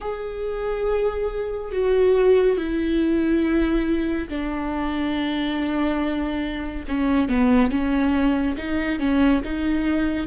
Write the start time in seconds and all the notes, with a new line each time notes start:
0.00 G#4
1.71 F#4
2.57 E4
4.28 D4
6.88 C#4
7.29 B3
7.70 C#4
8.57 D#4
8.99 C#4
9.44 D#4